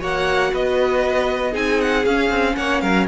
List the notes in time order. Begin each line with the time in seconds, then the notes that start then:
0.00 A#3 F#4 C#5 F#5
0.53 B3 B4 D#5
1.51 C4 D#4 G#4 G#5
1.81 F#5
2.05 C#4 F5
2.30 C4
2.56 A#3 C#5 F#5
2.81 F#3 A#4 F5